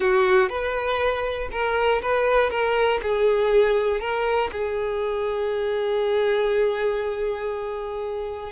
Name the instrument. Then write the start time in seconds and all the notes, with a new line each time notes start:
violin
0.00 F#4
0.49 B4
1.51 A#4
2.02 B4
2.50 A#4
3.02 G#4
4.00 A#4
4.52 G#4